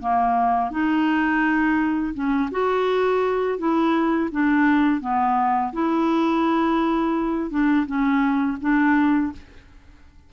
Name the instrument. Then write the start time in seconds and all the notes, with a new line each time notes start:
clarinet
0.00 A#3
0.70 D#4
2.14 C#4
2.51 F#4
3.58 E4
4.31 D4
5.01 B3
5.73 E4
7.50 D4
7.86 C#4
8.61 D4